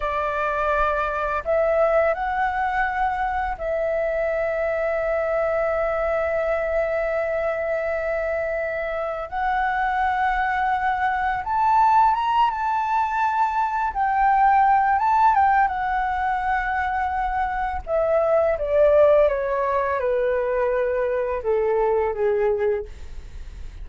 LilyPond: \new Staff \with { instrumentName = "flute" } { \time 4/4 \tempo 4 = 84 d''2 e''4 fis''4~ | fis''4 e''2.~ | e''1~ | e''4 fis''2. |
a''4 ais''8 a''2 g''8~ | g''4 a''8 g''8 fis''2~ | fis''4 e''4 d''4 cis''4 | b'2 a'4 gis'4 | }